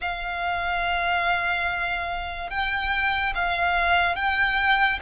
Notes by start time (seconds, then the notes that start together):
0.01 F5
2.50 G5
3.34 F5
4.15 G5